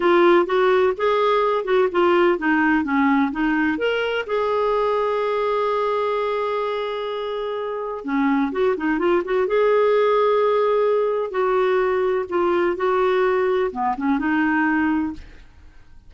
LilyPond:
\new Staff \with { instrumentName = "clarinet" } { \time 4/4 \tempo 4 = 127 f'4 fis'4 gis'4. fis'8 | f'4 dis'4 cis'4 dis'4 | ais'4 gis'2.~ | gis'1~ |
gis'4 cis'4 fis'8 dis'8 f'8 fis'8 | gis'1 | fis'2 f'4 fis'4~ | fis'4 b8 cis'8 dis'2 | }